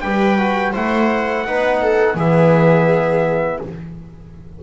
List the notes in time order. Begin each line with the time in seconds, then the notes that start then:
0.00 G3 G4 B4 G5
0.38 F#4
0.72 A3 E4 C5 F#5
1.46 B3 D#4 B4
1.81 A4
2.14 E3 B3 G#4 E5